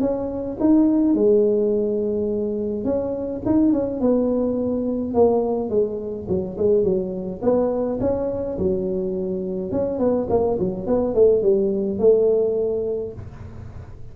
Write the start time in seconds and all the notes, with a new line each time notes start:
0.00 C#4
0.60 D#4
1.14 G#3
2.84 C#4
3.45 D#4
3.72 C#4
4.00 B3
5.14 A#3
5.69 G#3
6.28 F#3
6.58 G#3
6.83 F#3
7.42 B3
8.01 C#4
8.58 F#3
9.72 C#4
9.98 B3
10.29 A#3
10.59 F#3
10.87 B3
11.14 A3
11.42 G3
11.99 A3